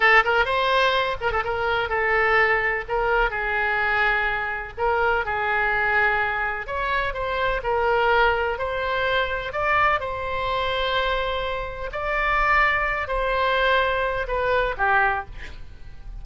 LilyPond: \new Staff \with { instrumentName = "oboe" } { \time 4/4 \tempo 4 = 126 a'8 ais'8 c''4. ais'16 a'16 ais'4 | a'2 ais'4 gis'4~ | gis'2 ais'4 gis'4~ | gis'2 cis''4 c''4 |
ais'2 c''2 | d''4 c''2.~ | c''4 d''2~ d''8 c''8~ | c''2 b'4 g'4 | }